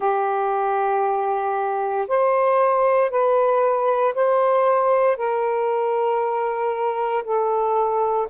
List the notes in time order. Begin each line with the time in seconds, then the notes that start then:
0.00 G4
2.07 C5
3.10 B4
4.14 C5
5.16 A#4
7.24 A4